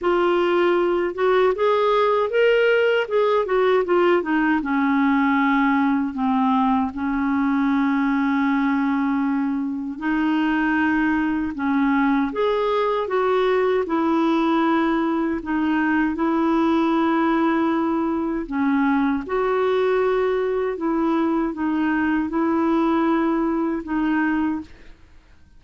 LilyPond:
\new Staff \with { instrumentName = "clarinet" } { \time 4/4 \tempo 4 = 78 f'4. fis'8 gis'4 ais'4 | gis'8 fis'8 f'8 dis'8 cis'2 | c'4 cis'2.~ | cis'4 dis'2 cis'4 |
gis'4 fis'4 e'2 | dis'4 e'2. | cis'4 fis'2 e'4 | dis'4 e'2 dis'4 | }